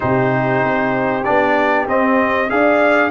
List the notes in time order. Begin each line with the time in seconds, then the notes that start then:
0.00 C3 D#4 G4 C5
0.63 C4
1.24 B3 D4 D5
1.87 C4 D#5
2.49 D4 G#4 D5 F5